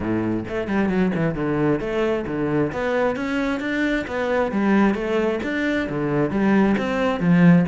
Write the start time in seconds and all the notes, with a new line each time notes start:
0.00 A2
0.48 A3
0.67 G3
0.89 F#3
1.15 E3
1.34 D3
1.80 A3
2.26 D3
2.72 B3
3.16 C#4
3.60 D4
4.07 B3
4.51 G3
4.94 A3
5.43 D4
5.89 D3
6.30 G3
6.77 C4
7.20 F3